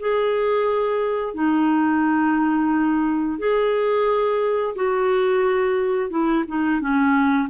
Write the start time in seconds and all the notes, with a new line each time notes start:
0.00 G#4
1.35 D#4
3.39 G#4
4.76 F#4
6.11 E4
6.48 D#4
6.81 C#4